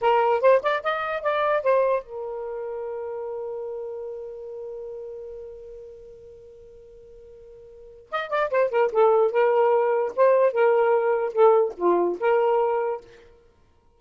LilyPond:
\new Staff \with { instrumentName = "saxophone" } { \time 4/4 \tempo 4 = 148 ais'4 c''8 d''8 dis''4 d''4 | c''4 ais'2.~ | ais'1~ | ais'1~ |
ais'1 | dis''8 d''8 c''8 ais'8 a'4 ais'4~ | ais'4 c''4 ais'2 | a'4 f'4 ais'2 | }